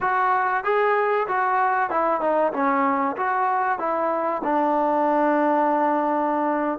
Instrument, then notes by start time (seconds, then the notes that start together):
trombone
0.00 F#4
0.63 G#4
1.27 F#4
1.90 E4
2.20 D#4
2.53 C#4
3.16 F#4
3.78 E4
4.43 D4